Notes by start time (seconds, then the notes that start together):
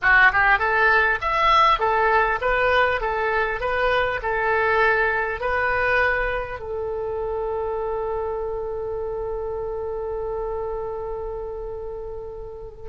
0.01 F#4
0.32 G4
0.58 A4
1.21 E5
1.79 A4
2.41 B4
3.00 A4
3.60 B4
4.22 A4
5.40 B4
6.59 A4